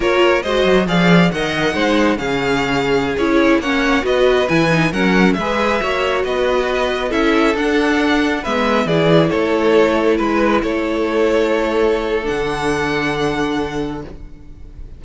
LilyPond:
<<
  \new Staff \with { instrumentName = "violin" } { \time 4/4 \tempo 4 = 137 cis''4 dis''4 f''4 fis''4~ | fis''4 f''2~ f''16 cis''8.~ | cis''16 fis''4 dis''4 gis''4 fis''8.~ | fis''16 e''2 dis''4.~ dis''16~ |
dis''16 e''4 fis''2 e''8.~ | e''16 d''4 cis''2 b'8.~ | b'16 cis''2.~ cis''8. | fis''1 | }
  \new Staff \with { instrumentName = "violin" } { \time 4/4 ais'4 c''4 d''4 dis''4 | c''4 gis'2.~ | gis'16 cis''4 b'2 ais'8.~ | ais'16 b'4 cis''4 b'4.~ b'16~ |
b'16 a'2. b'8.~ | b'16 gis'4 a'2 b'8.~ | b'16 a'2.~ a'8.~ | a'1 | }
  \new Staff \with { instrumentName = "viola" } { \time 4/4 f'4 fis'4 gis'4 ais'4 | dis'4 cis'2~ cis'16 e'8.~ | e'16 cis'4 fis'4 e'8 dis'8 cis'8.~ | cis'16 gis'4 fis'2~ fis'8.~ |
fis'16 e'4 d'2 b8.~ | b16 e'2.~ e'8.~ | e'1 | d'1 | }
  \new Staff \with { instrumentName = "cello" } { \time 4/4 ais4 gis8 fis8 f4 dis4 | gis4 cis2~ cis16 cis'8.~ | cis'16 ais4 b4 e4 fis8.~ | fis16 gis4 ais4 b4.~ b16~ |
b16 cis'4 d'2 gis8.~ | gis16 e4 a2 gis8.~ | gis16 a2.~ a8. | d1 | }
>>